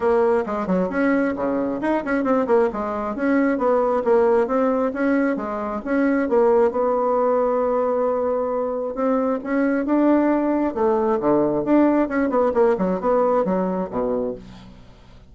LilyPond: \new Staff \with { instrumentName = "bassoon" } { \time 4/4 \tempo 4 = 134 ais4 gis8 fis8 cis'4 cis4 | dis'8 cis'8 c'8 ais8 gis4 cis'4 | b4 ais4 c'4 cis'4 | gis4 cis'4 ais4 b4~ |
b1 | c'4 cis'4 d'2 | a4 d4 d'4 cis'8 b8 | ais8 fis8 b4 fis4 b,4 | }